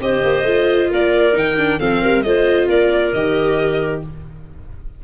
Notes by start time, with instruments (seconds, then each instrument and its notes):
0.00 tuba C4, viola G4, clarinet C5, violin D#5
0.23 tuba A#3
0.43 tuba A3, viola F4
0.91 tuba A#3, clarinet A#4, violin D5
1.33 tuba D#3, viola D#4, violin G5
1.57 viola D4
1.79 tuba F3, viola C4, clarinet A4, violin F5
2.01 tuba G3, clarinet A#4
2.22 tuba A3, viola F4, clarinet C5, violin D#5
2.68 tuba A#3, clarinet A#4, violin D5
3.13 tuba D#3, viola G4, violin D#5